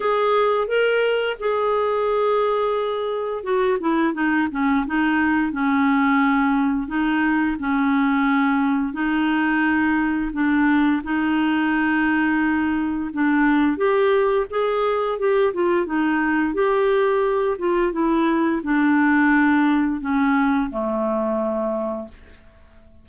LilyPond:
\new Staff \with { instrumentName = "clarinet" } { \time 4/4 \tempo 4 = 87 gis'4 ais'4 gis'2~ | gis'4 fis'8 e'8 dis'8 cis'8 dis'4 | cis'2 dis'4 cis'4~ | cis'4 dis'2 d'4 |
dis'2. d'4 | g'4 gis'4 g'8 f'8 dis'4 | g'4. f'8 e'4 d'4~ | d'4 cis'4 a2 | }